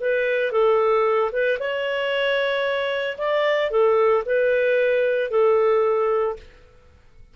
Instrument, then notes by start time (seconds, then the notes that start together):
clarinet
0.00 B4
0.52 A4
1.32 B4
1.60 C#5
3.18 D5
3.71 A4
4.25 B4
5.31 A4